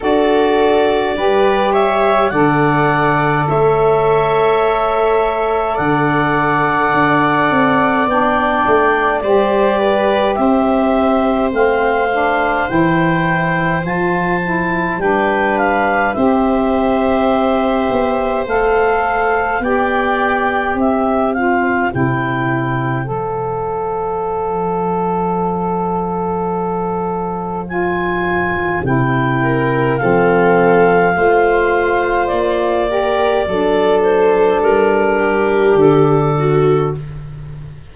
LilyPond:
<<
  \new Staff \with { instrumentName = "clarinet" } { \time 4/4 \tempo 4 = 52 d''4. e''8 fis''4 e''4~ | e''4 fis''2 g''4 | d''4 e''4 f''4 g''4 | a''4 g''8 f''8 e''2 |
f''4 g''4 e''8 f''8 g''4 | f''1 | gis''4 g''4 f''2 | d''4. c''8 ais'4 a'4 | }
  \new Staff \with { instrumentName = "viola" } { \time 4/4 a'4 b'8 cis''8 d''4 cis''4~ | cis''4 d''2. | c''8 b'8 c''2.~ | c''4 b'4 c''2~ |
c''4 d''4 c''2~ | c''1~ | c''4. ais'8 a'4 c''4~ | c''8 ais'8 a'4. g'4 fis'8 | }
  \new Staff \with { instrumentName = "saxophone" } { \time 4/4 fis'4 g'4 a'2~ | a'2. d'4 | g'2 c'8 d'8 e'4 | f'8 e'8 d'4 g'2 |
a'4 g'4. f'8 e'4 | a'1 | f'4 e'4 c'4 f'4~ | f'8 g'8 d'2. | }
  \new Staff \with { instrumentName = "tuba" } { \time 4/4 d'4 g4 d4 a4~ | a4 d4 d'8 c'8 b8 a8 | g4 c'4 a4 e4 | f4 g4 c'4. b8 |
a4 b4 c'4 c4 | f1~ | f4 c4 f4 a4 | ais4 fis4 g4 d4 | }
>>